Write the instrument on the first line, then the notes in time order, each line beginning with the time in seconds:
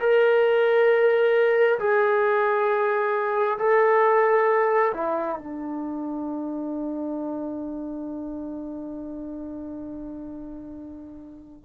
trombone
0.00 A#4
1.80 G#4
3.59 A4
4.95 E4
5.39 D4